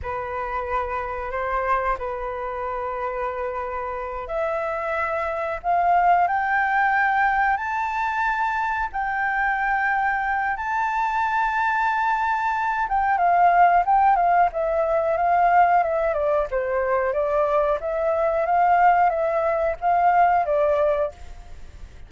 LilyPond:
\new Staff \with { instrumentName = "flute" } { \time 4/4 \tempo 4 = 91 b'2 c''4 b'4~ | b'2~ b'8 e''4.~ | e''8 f''4 g''2 a''8~ | a''4. g''2~ g''8 |
a''2.~ a''8 g''8 | f''4 g''8 f''8 e''4 f''4 | e''8 d''8 c''4 d''4 e''4 | f''4 e''4 f''4 d''4 | }